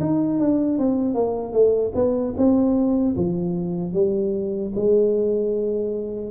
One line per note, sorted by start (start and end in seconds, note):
0.00 0.39 D#4
0.39 0.78 D4
0.78 1.14 C4
1.14 1.53 A#3
1.53 1.92 A3
1.94 2.34 B3
2.37 3.16 C4
3.16 3.93 F3
3.93 4.72 G3
4.75 6.31 G#3